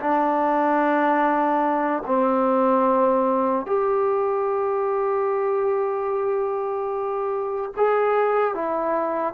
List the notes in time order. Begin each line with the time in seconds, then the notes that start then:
0.00 D4
2.06 C4
3.66 G4
7.77 G#4
8.55 E4